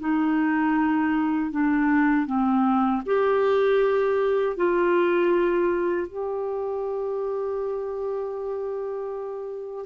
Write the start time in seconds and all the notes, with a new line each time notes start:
0.00 D#4
1.52 D4
2.27 C4
3.06 G4
4.57 F4
6.08 G4